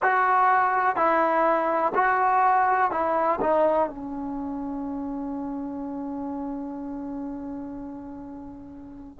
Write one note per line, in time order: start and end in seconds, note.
0.02 0.96 F#4
0.96 1.93 E4
1.94 2.91 F#4
2.91 3.39 E4
3.40 3.89 D#4
3.89 9.19 C#4